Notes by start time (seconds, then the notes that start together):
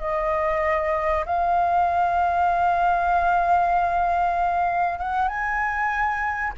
0.00 D#5
1.26 F5
4.99 F#5
5.28 G#5